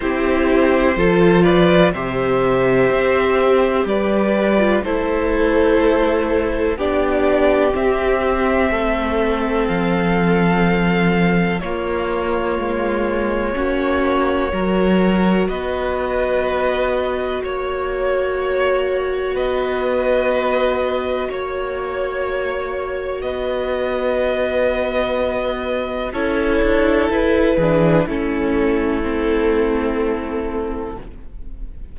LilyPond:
<<
  \new Staff \with { instrumentName = "violin" } { \time 4/4 \tempo 4 = 62 c''4. d''8 e''2 | d''4 c''2 d''4 | e''2 f''2 | cis''1 |
dis''2 cis''2 | dis''2 cis''2 | dis''2. cis''4 | b'4 a'2. | }
  \new Staff \with { instrumentName = "violin" } { \time 4/4 g'4 a'8 b'8 c''2 | b'4 a'2 g'4~ | g'4 a'2. | f'2 fis'4 ais'4 |
b'2 cis''2 | b'2 cis''2 | b'2. a'4~ | a'8 gis'8 e'2. | }
  \new Staff \with { instrumentName = "viola" } { \time 4/4 e'4 f'4 g'2~ | g'8. f'16 e'2 d'4 | c'1 | ais2 cis'4 fis'4~ |
fis'1~ | fis'1~ | fis'2. e'4~ | e'8 d'8 cis'4 c'2 | }
  \new Staff \with { instrumentName = "cello" } { \time 4/4 c'4 f4 c4 c'4 | g4 a2 b4 | c'4 a4 f2 | ais4 gis4 ais4 fis4 |
b2 ais2 | b2 ais2 | b2. cis'8 d'8 | e'8 e8 a2. | }
>>